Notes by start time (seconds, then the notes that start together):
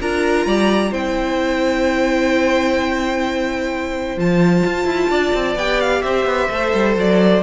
0.00 D4 F4 A#4 A#5
0.46 G3 D5
0.91 C4 E4 C5 G5
4.17 F3 F4 A5
4.65 F4
4.85 E4
5.09 D4 D5
5.34 C4
5.56 B3 G4 G5
5.80 F5
6.02 C4 C5 E5
6.25 B3
6.49 A3 A4
6.74 G3
6.96 F#3 D5